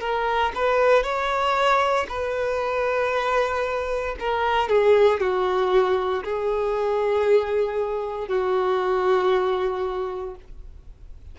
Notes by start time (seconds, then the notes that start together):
0.00 A#4
0.55 B4
1.03 C#5
2.09 B4
4.19 A#4
4.69 G#4
5.20 F#4
6.24 G#4
8.28 F#4